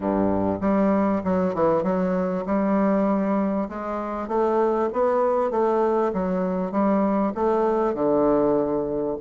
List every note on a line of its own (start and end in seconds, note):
0.00 0.60 G2
0.61 1.22 G3
1.24 1.54 F#3
1.54 1.83 E3
1.83 2.44 F#3
2.46 3.68 G3
3.68 4.28 G#3
4.28 4.89 A3
4.92 5.50 B3
5.50 6.12 A3
6.13 6.71 F#3
6.71 7.32 G3
7.34 7.94 A3
7.94 9.16 D3